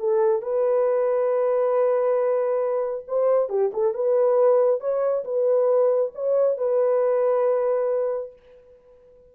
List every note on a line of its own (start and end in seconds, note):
0.00 0.42 A4
0.42 3.05 B4
3.08 3.50 C5
3.50 3.71 G4
3.73 3.94 A4
3.94 4.81 B4
4.81 5.24 C#5
5.25 6.12 B4
6.15 6.58 C#5
6.58 8.33 B4